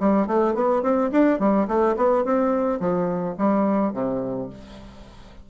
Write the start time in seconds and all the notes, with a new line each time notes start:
0.00 G3
0.27 A3
0.55 B3
0.83 C4
1.12 D4
1.40 G3
1.68 A3
1.97 B3
2.25 C4
2.80 F3
3.38 G3
3.94 C3